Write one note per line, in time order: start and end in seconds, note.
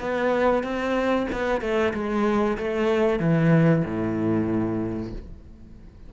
0.00 0.64 B3
0.64 1.28 C4
1.33 1.62 B3
1.62 1.94 A3
1.94 2.58 G#3
2.58 3.20 A3
3.20 3.84 E3
3.85 5.13 A2